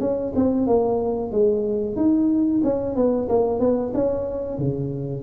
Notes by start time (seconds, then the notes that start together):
0.00 C#4
0.36 C4
0.67 A#3
1.32 G#3
1.96 D#4
2.64 C#4
2.96 B3
3.29 A#3
3.60 B3
3.94 C#4
4.58 C#3